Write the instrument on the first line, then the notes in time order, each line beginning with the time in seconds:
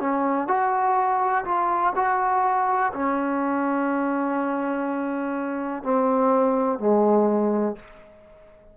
trombone
0.00 C#4
0.48 F#4
1.45 F4
1.96 F#4
2.93 C#4
5.83 C4
6.79 G#3